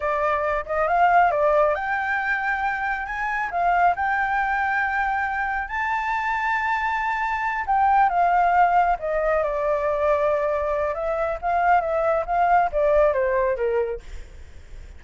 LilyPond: \new Staff \with { instrumentName = "flute" } { \time 4/4 \tempo 4 = 137 d''4. dis''8 f''4 d''4 | g''2. gis''4 | f''4 g''2.~ | g''4 a''2.~ |
a''4. g''4 f''4.~ | f''8 dis''4 d''2~ d''8~ | d''4 e''4 f''4 e''4 | f''4 d''4 c''4 ais'4 | }